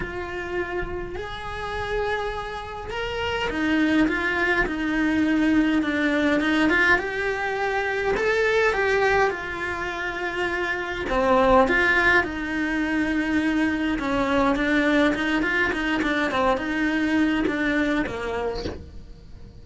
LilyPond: \new Staff \with { instrumentName = "cello" } { \time 4/4 \tempo 4 = 103 f'2 gis'2~ | gis'4 ais'4 dis'4 f'4 | dis'2 d'4 dis'8 f'8 | g'2 a'4 g'4 |
f'2. c'4 | f'4 dis'2. | cis'4 d'4 dis'8 f'8 dis'8 d'8 | c'8 dis'4. d'4 ais4 | }